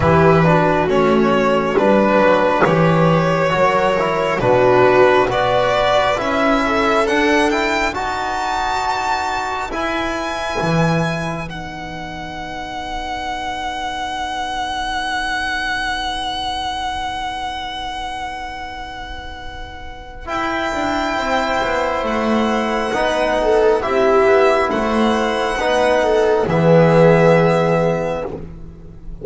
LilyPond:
<<
  \new Staff \with { instrumentName = "violin" } { \time 4/4 \tempo 4 = 68 b'4 cis''4 b'4 cis''4~ | cis''4 b'4 d''4 e''4 | fis''8 g''8 a''2 gis''4~ | gis''4 fis''2.~ |
fis''1~ | fis''2. g''4~ | g''4 fis''2 e''4 | fis''2 e''2 | }
  \new Staff \with { instrumentName = "viola" } { \time 4/4 g'8 fis'4. b'2 | ais'4 fis'4 b'4. a'8~ | a'4 b'2.~ | b'1~ |
b'1~ | b'1 | c''2 b'8 a'8 g'4 | c''4 b'8 a'8 gis'2 | }
  \new Staff \with { instrumentName = "trombone" } { \time 4/4 e'8 d'8 cis'4 d'4 g'4 | fis'8 e'8 d'4 fis'4 e'4 | d'8 e'8 fis'2 e'4~ | e'4 dis'2.~ |
dis'1~ | dis'2. e'4~ | e'2 dis'4 e'4~ | e'4 dis'4 b2 | }
  \new Staff \with { instrumentName = "double bass" } { \time 4/4 e4 a4 g8 fis8 e4 | fis4 b,4 b4 cis'4 | d'4 dis'2 e'4 | e4 b2.~ |
b1~ | b2. e'8 d'8 | c'8 b8 a4 b4 c'8 b8 | a4 b4 e2 | }
>>